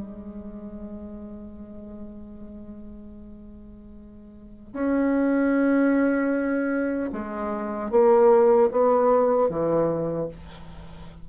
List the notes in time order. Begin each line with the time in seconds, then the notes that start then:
0.00 G#3
4.73 C#4
7.13 G#3
7.91 A#3
8.71 B3
9.49 E3